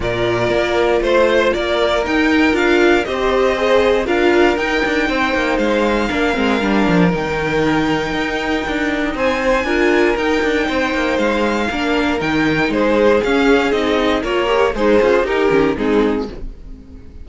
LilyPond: <<
  \new Staff \with { instrumentName = "violin" } { \time 4/4 \tempo 4 = 118 d''2 c''4 d''4 | g''4 f''4 dis''2 | f''4 g''2 f''4~ | f''2 g''2~ |
g''2 gis''2 | g''2 f''2 | g''4 c''4 f''4 dis''4 | cis''4 c''4 ais'4 gis'4 | }
  \new Staff \with { instrumentName = "violin" } { \time 4/4 ais'2 c''4 ais'4~ | ais'2 c''2 | ais'2 c''2 | ais'1~ |
ais'2 c''4 ais'4~ | ais'4 c''2 ais'4~ | ais'4 gis'2. | ais'4 dis'8 f'8 g'4 dis'4 | }
  \new Staff \with { instrumentName = "viola" } { \time 4/4 f'1 | dis'4 f'4 g'4 gis'4 | f'4 dis'2. | d'8 c'8 d'4 dis'2~ |
dis'2. f'4 | dis'2. d'4 | dis'2 cis'4 dis'4 | f'8 g'8 gis'4 dis'8 cis'8 c'4 | }
  \new Staff \with { instrumentName = "cello" } { \time 4/4 ais,4 ais4 a4 ais4 | dis'4 d'4 c'2 | d'4 dis'8 d'8 c'8 ais8 gis4 | ais8 gis8 g8 f8 dis2 |
dis'4 d'4 c'4 d'4 | dis'8 d'8 c'8 ais8 gis4 ais4 | dis4 gis4 cis'4 c'4 | ais4 gis8 cis'8 dis'8 dis8 gis4 | }
>>